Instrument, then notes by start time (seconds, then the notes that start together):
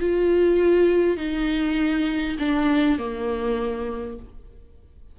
viola
0.00 F4
1.17 D#4
2.39 D4
2.99 A#3